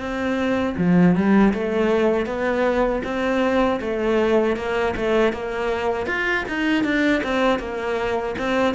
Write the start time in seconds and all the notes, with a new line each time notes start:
0.00 C4
0.78 F3
1.16 G3
1.54 A3
2.26 B3
3.04 C4
3.81 A3
4.57 A#3
4.97 A3
5.33 A#3
6.07 F4
6.49 D#4
6.85 D4
7.24 C4
7.59 A#3
8.39 C4